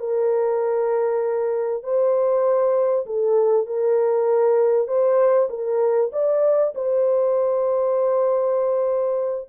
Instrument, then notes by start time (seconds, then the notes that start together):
horn
0.00 A#4
1.84 C5
3.06 A4
3.67 A#4
4.88 C5
5.50 A#4
6.13 D5
6.75 C5